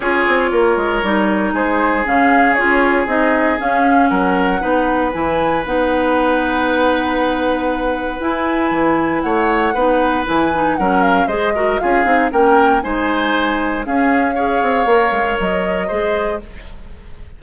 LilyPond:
<<
  \new Staff \with { instrumentName = "flute" } { \time 4/4 \tempo 4 = 117 cis''2. c''4 | f''4 cis''4 dis''4 f''4 | fis''2 gis''4 fis''4~ | fis''1 |
gis''2 fis''2 | gis''4 fis''8 f''8 dis''4 f''4 | g''4 gis''2 f''4~ | f''2 dis''2 | }
  \new Staff \with { instrumentName = "oboe" } { \time 4/4 gis'4 ais'2 gis'4~ | gis'1 | ais'4 b'2.~ | b'1~ |
b'2 cis''4 b'4~ | b'4 ais'4 c''8 ais'8 gis'4 | ais'4 c''2 gis'4 | cis''2. c''4 | }
  \new Staff \with { instrumentName = "clarinet" } { \time 4/4 f'2 dis'2 | cis'4 f'4 dis'4 cis'4~ | cis'4 dis'4 e'4 dis'4~ | dis'1 |
e'2. dis'4 | e'8 dis'8 cis'4 gis'8 fis'8 f'8 dis'8 | cis'4 dis'2 cis'4 | gis'4 ais'2 gis'4 | }
  \new Staff \with { instrumentName = "bassoon" } { \time 4/4 cis'8 c'8 ais8 gis8 g4 gis4 | cis4 cis'4 c'4 cis'4 | fis4 b4 e4 b4~ | b1 |
e'4 e4 a4 b4 | e4 fis4 gis4 cis'8 c'8 | ais4 gis2 cis'4~ | cis'8 c'8 ais8 gis8 fis4 gis4 | }
>>